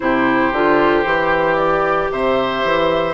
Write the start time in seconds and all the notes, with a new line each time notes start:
0.00 C3 E4 G4 C5
0.52 D3 F4
1.04 E3 G4
1.55 D5
2.11 C3 C5 E5
2.63 E3